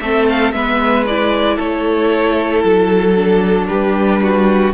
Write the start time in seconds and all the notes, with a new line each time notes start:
0.00 A3 C4 A4 E5
0.30 F5
0.52 G#3 B3 B4 E5
1.07 E4 D5
1.56 A3 A4 C#5
2.64 F#3 A4
3.16 D4
3.67 G3 G4 B4
4.23 F#4